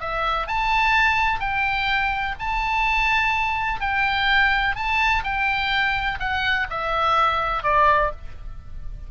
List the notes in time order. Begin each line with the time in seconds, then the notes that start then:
0.00 E5
0.47 A5
1.40 G5
2.39 A5
3.81 G5
4.76 A5
5.24 G5
6.20 F#5
6.70 E5
7.64 D5